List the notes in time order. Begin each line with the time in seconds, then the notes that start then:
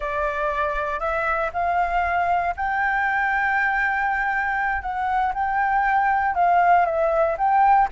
0.00 D5
0.99 E5
1.53 F5
2.56 G5
4.82 F#5
5.34 G5
6.34 F5
6.85 E5
7.37 G5